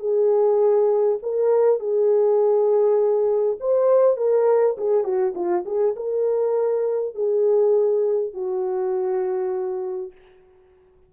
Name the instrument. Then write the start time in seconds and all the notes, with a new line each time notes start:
horn
0.00 G#4
1.23 A#4
1.80 G#4
3.60 C5
4.17 A#4
4.78 G#4
5.04 F#4
5.35 F4
5.66 G#4
5.96 A#4
7.15 G#4
8.34 F#4